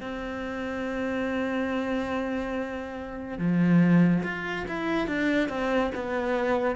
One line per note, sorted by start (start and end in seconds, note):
0.00 3.38 C4
3.38 4.23 F3
4.23 4.65 F4
4.67 5.07 E4
5.07 5.49 D4
5.49 5.91 C4
5.94 6.76 B3